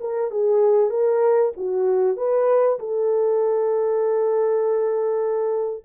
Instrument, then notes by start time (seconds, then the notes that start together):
horn
0.00 A#4
0.31 G#4
0.90 A#4
1.56 F#4
2.16 B4
2.79 A4